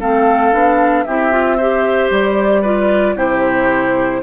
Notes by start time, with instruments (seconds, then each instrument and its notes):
0.00 bassoon A3, clarinet C4, oboe A4, flute F5
0.52 bassoon B3, clarinet D4
1.03 bassoon C4, clarinet E4, oboe G4, flute E5
1.32 clarinet F4
1.57 clarinet G4, oboe C5
2.10 bassoon G3, flute D5
2.62 clarinet F4, oboe B4
3.15 bassoon C3, clarinet E4, oboe G4, flute C5